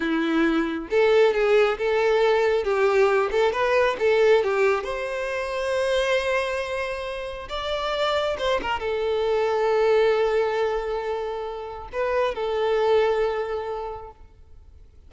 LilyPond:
\new Staff \with { instrumentName = "violin" } { \time 4/4 \tempo 4 = 136 e'2 a'4 gis'4 | a'2 g'4. a'8 | b'4 a'4 g'4 c''4~ | c''1~ |
c''4 d''2 c''8 ais'8 | a'1~ | a'2. b'4 | a'1 | }